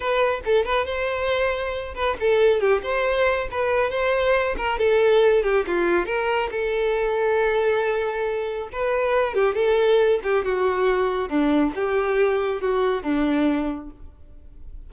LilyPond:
\new Staff \with { instrumentName = "violin" } { \time 4/4 \tempo 4 = 138 b'4 a'8 b'8 c''2~ | c''8 b'8 a'4 g'8 c''4. | b'4 c''4. ais'8 a'4~ | a'8 g'8 f'4 ais'4 a'4~ |
a'1 | b'4. g'8 a'4. g'8 | fis'2 d'4 g'4~ | g'4 fis'4 d'2 | }